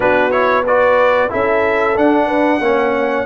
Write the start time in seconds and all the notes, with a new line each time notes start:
0.00 B3 D4 F#4 B4
0.31 E4 C#5
0.66 F#4 B4 D5
1.29 C#4 E4 A4 E5
1.95 D4 F#5
2.26 B4
2.60 A#3 C#4 C#5